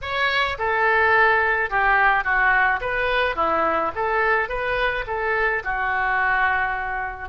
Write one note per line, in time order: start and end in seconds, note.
0.01 0.57 C#5
0.58 1.70 A4
1.70 2.24 G4
2.24 2.80 F#4
2.80 3.35 B4
3.35 3.91 E4
3.95 4.48 A4
4.48 5.04 B4
5.06 5.63 A4
5.64 7.29 F#4